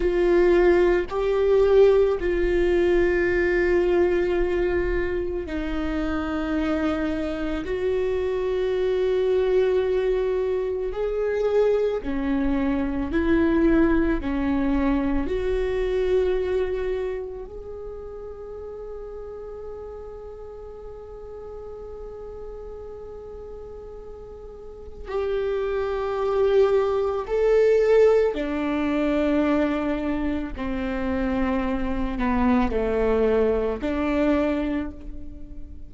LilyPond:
\new Staff \with { instrumentName = "viola" } { \time 4/4 \tempo 4 = 55 f'4 g'4 f'2~ | f'4 dis'2 fis'4~ | fis'2 gis'4 cis'4 | e'4 cis'4 fis'2 |
gis'1~ | gis'2. g'4~ | g'4 a'4 d'2 | c'4. b8 a4 d'4 | }